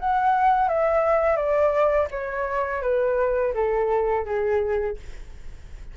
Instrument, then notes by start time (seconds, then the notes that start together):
flute
0.00 F#5
0.69 E5
1.37 D5
2.11 C#5
2.82 B4
3.54 A4
4.26 G#4